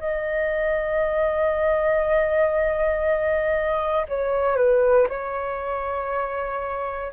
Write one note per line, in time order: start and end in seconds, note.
0.00 4.07 D#5
4.09 4.57 C#5
4.57 5.08 B4
5.09 7.13 C#5